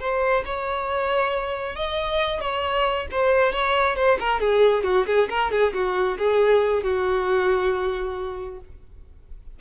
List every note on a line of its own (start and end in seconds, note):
0.00 0.44 C5
0.45 1.76 C#5
1.76 2.41 D#5
2.41 3.07 C#5
3.11 3.53 C5
3.53 3.96 C#5
3.96 4.18 C5
4.20 4.40 A#4
4.40 4.84 G#4
4.84 5.06 F#4
5.07 5.29 G#4
5.30 5.51 A#4
5.51 5.73 G#4
5.74 6.18 F#4
6.18 6.83 G#4
6.83 8.60 F#4